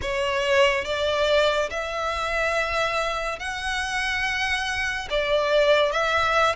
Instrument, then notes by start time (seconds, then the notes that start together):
violin
0.01 C#5
0.85 D5
1.70 E5
3.39 F#5
5.10 D5
5.92 E5